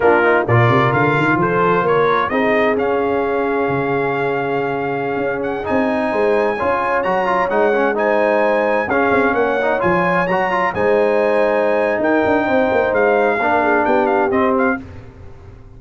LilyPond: <<
  \new Staff \with { instrumentName = "trumpet" } { \time 4/4 \tempo 4 = 130 ais'4 d''4 f''4 c''4 | cis''4 dis''4 f''2~ | f''2.~ f''8. fis''16~ | fis''16 gis''2. ais''8.~ |
ais''16 fis''4 gis''2 f''8.~ | f''16 fis''4 gis''4 ais''4 gis''8.~ | gis''2 g''2 | f''2 g''8 f''8 dis''8 f''8 | }
  \new Staff \with { instrumentName = "horn" } { \time 4/4 f'4 ais'2 a'4 | ais'4 gis'2.~ | gis'1~ | gis'4~ gis'16 c''4 cis''4.~ cis''16~ |
cis''4~ cis''16 c''2 gis'8.~ | gis'16 cis''2. c''8.~ | c''2 ais'4 c''4~ | c''4 ais'8 gis'8 g'2 | }
  \new Staff \with { instrumentName = "trombone" } { \time 4/4 d'8 dis'8 f'2.~ | f'4 dis'4 cis'2~ | cis'1~ | cis'16 dis'2 f'4 fis'8 f'16~ |
f'16 dis'8 cis'8 dis'2 cis'8.~ | cis'8. dis'8 f'4 fis'8 f'8 dis'8.~ | dis'1~ | dis'4 d'2 c'4 | }
  \new Staff \with { instrumentName = "tuba" } { \time 4/4 ais4 ais,8 c8 d8 dis8 f4 | ais4 c'4 cis'2 | cis2.~ cis16 cis'8.~ | cis'16 c'4 gis4 cis'4 fis8.~ |
fis16 gis2. cis'8 c'16~ | c'16 ais4 f4 fis4 gis8.~ | gis2 dis'8 d'8 c'8 ais8 | gis4 ais4 b4 c'4 | }
>>